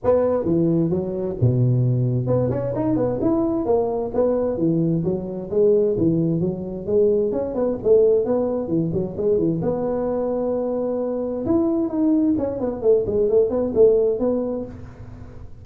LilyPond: \new Staff \with { instrumentName = "tuba" } { \time 4/4 \tempo 4 = 131 b4 e4 fis4 b,4~ | b,4 b8 cis'8 dis'8 b8 e'4 | ais4 b4 e4 fis4 | gis4 e4 fis4 gis4 |
cis'8 b8 a4 b4 e8 fis8 | gis8 e8 b2.~ | b4 e'4 dis'4 cis'8 b8 | a8 gis8 a8 b8 a4 b4 | }